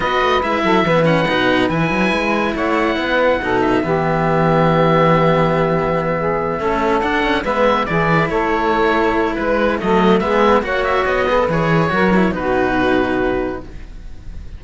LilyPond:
<<
  \new Staff \with { instrumentName = "oboe" } { \time 4/4 \tempo 4 = 141 dis''4 e''4. fis''4. | gis''2 fis''2~ | fis''8 e''2.~ e''8~ | e''1~ |
e''8 fis''4 e''4 d''4 cis''8~ | cis''2 b'4 dis''4 | e''4 fis''8 e''8 dis''4 cis''4~ | cis''4 b'2. | }
  \new Staff \with { instrumentName = "saxophone" } { \time 4/4 b'4. a'8 b'2~ | b'2 cis''4 b'4 | a'4 g'2.~ | g'2~ g'8 gis'4 a'8~ |
a'4. b'4 gis'4 a'8~ | a'2 b'4 a'4 | gis'4 cis''4. b'4. | ais'4 fis'2. | }
  \new Staff \with { instrumentName = "cello" } { \time 4/4 fis'4 e'4 b8 cis'8 dis'4 | e'1 | dis'4 b2.~ | b2.~ b8 cis'8~ |
cis'8 d'8 cis'8 b4 e'4.~ | e'2. a4 | b4 fis'4. gis'16 a'16 gis'4 | fis'8 e'8 dis'2. | }
  \new Staff \with { instrumentName = "cello" } { \time 4/4 b8 a8 gis8 fis8 e4 b,4 | e8 fis8 gis4 a4 b4 | b,4 e2.~ | e2.~ e8 a8~ |
a8 d'4 gis4 e4 a8~ | a2 gis4 fis4 | gis4 ais4 b4 e4 | fis4 b,2. | }
>>